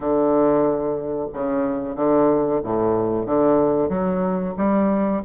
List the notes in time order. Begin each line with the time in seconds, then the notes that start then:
0.00 D3
1.33 C#3
1.95 D3
2.63 A2
3.25 D3
3.89 F#3
4.57 G3